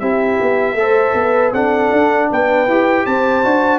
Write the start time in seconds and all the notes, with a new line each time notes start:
0.00 C4 E4 G4 E5
0.41 B3
0.74 A3 A4
0.81 C5
1.14 B3
1.21 B4
1.52 C4 D4 A4 F#5
1.92 D4
2.30 B3 B4 G5
2.68 E4 G4
3.05 C4 C5 A5
3.44 D4 F#4